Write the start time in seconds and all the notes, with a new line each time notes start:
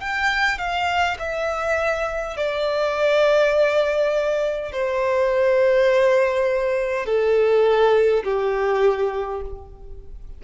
0.00 G5
0.58 F5
1.18 E5
2.36 D5
4.72 C5
7.05 A4
8.24 G4